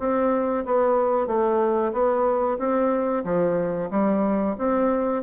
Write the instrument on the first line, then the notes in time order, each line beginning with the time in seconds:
bassoon
0.00 C4
0.66 B3
1.27 A3
1.93 B3
2.59 C4
3.25 F3
3.91 G3
4.59 C4